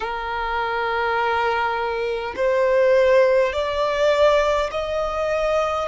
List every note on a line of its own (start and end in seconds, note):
0.00 2.34 A#4
2.35 3.52 C5
3.52 4.70 D5
4.71 5.88 D#5